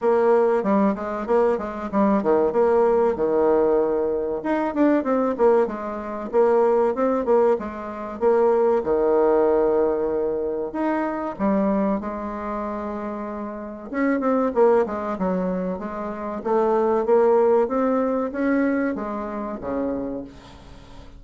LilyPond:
\new Staff \with { instrumentName = "bassoon" } { \time 4/4 \tempo 4 = 95 ais4 g8 gis8 ais8 gis8 g8 dis8 | ais4 dis2 dis'8 d'8 | c'8 ais8 gis4 ais4 c'8 ais8 | gis4 ais4 dis2~ |
dis4 dis'4 g4 gis4~ | gis2 cis'8 c'8 ais8 gis8 | fis4 gis4 a4 ais4 | c'4 cis'4 gis4 cis4 | }